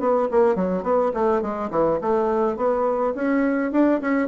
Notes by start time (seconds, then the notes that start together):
0.00 B3
0.31 A#3
0.56 F#3
0.83 B3
1.14 A3
1.42 G#3
1.71 E3
2.02 A3
2.57 B3
3.15 C#4
3.72 D4
4.01 C#4